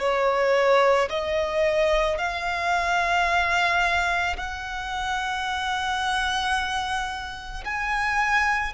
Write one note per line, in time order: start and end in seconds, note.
0.00 1.09 C#5
1.10 2.19 D#5
2.19 4.37 F5
4.37 7.65 F#5
7.65 8.74 G#5